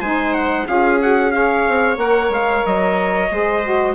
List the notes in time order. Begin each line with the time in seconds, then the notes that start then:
0.00 G#3 D#4 C5 G#5
0.34 F#5
0.67 C#4 F4 G#4 F5
1.02 F#4 F#5
1.32 G#4 C#5 F5
1.68 C4
1.97 A#3 A#4 F#5
2.30 G#3 F5
2.66 F#3 D#5
3.31 G#3 G#4 C5
3.64 F#4